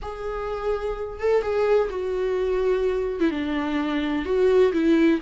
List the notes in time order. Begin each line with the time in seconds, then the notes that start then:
0.02 G#4
1.19 A4
1.42 G#4
1.90 F#4
3.20 E4
3.30 D4
4.25 F#4
4.72 E4